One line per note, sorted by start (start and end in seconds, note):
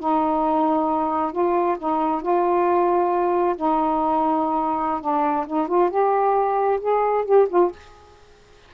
0.00 1.33 D#4
1.33 1.77 F4
1.79 2.22 D#4
2.22 3.57 F4
3.57 5.01 D#4
5.01 5.46 D4
5.47 5.68 D#4
5.68 5.91 F4
5.91 6.80 G4
6.81 7.25 G#4
7.25 7.48 G4
7.50 7.72 F4